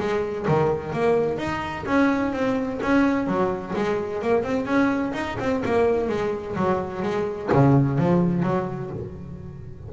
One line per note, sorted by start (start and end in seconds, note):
0.00 0.47 G#3
0.48 0.93 D#3
0.93 1.38 A#3
1.38 1.85 D#4
1.86 2.33 C#4
2.34 2.80 C4
2.83 3.27 C#4
3.27 3.74 F#3
3.76 4.23 G#3
4.23 4.44 A#3
4.44 4.66 C4
4.66 5.13 C#4
5.14 5.38 D#4
5.40 5.63 C4
5.65 6.09 A#3
6.09 6.56 G#3
6.56 7.03 F#3
7.03 7.50 G#3
7.53 7.99 C#3
7.99 8.43 F3
8.43 8.90 F#3